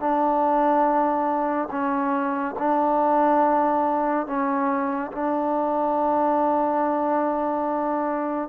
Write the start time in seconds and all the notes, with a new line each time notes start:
0.00 D4
1.71 C#4
2.59 D4
4.27 C#4
5.12 D4